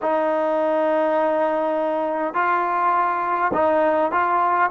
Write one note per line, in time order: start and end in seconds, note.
0.02 2.34 D#4
2.34 3.51 F4
3.53 4.11 D#4
4.11 4.70 F4